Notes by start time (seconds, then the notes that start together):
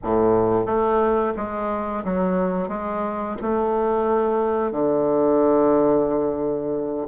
0.03 A2
0.66 A3
1.36 G#3
2.04 F#3
2.68 G#3
3.41 A3
4.71 D3